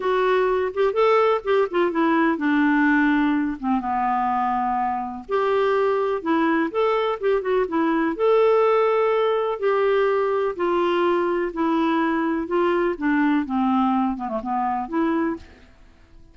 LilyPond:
\new Staff \with { instrumentName = "clarinet" } { \time 4/4 \tempo 4 = 125 fis'4. g'8 a'4 g'8 f'8 | e'4 d'2~ d'8 c'8 | b2. g'4~ | g'4 e'4 a'4 g'8 fis'8 |
e'4 a'2. | g'2 f'2 | e'2 f'4 d'4 | c'4. b16 a16 b4 e'4 | }